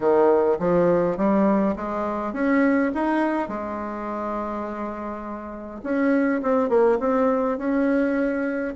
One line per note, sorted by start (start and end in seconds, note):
0.00 0.57 D#3
0.59 1.17 F3
1.17 1.75 G3
1.76 2.33 G#3
2.33 2.91 C#4
2.94 3.48 D#4
3.48 5.81 G#3
5.83 6.41 C#4
6.42 6.69 C4
6.69 6.98 A#3
6.99 7.58 C4
7.58 8.74 C#4